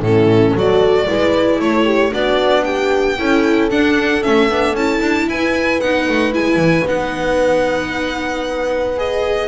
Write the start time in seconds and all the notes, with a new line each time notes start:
0.00 A2 C#4 E4 A4
0.53 F#3 F#4 A4 D5
1.07 G#3 E4 B4
1.59 A3 A4 C#5
1.85 G4
2.10 B3 D4 F#4 D5
2.64 G4 G5
3.18 C#4 E4 A4
3.70 D4 F#5
4.22 A3 C#4 E5
4.49 B3 D4
4.73 C#4 E4 A5
5.01 D4
5.27 E4 B4 G#5
5.80 B3 D#4 F#5
6.08 A3
6.32 G#3 E4 G#5
6.55 E3
6.84 B3 D#4 F#5
8.97 G#4 D#5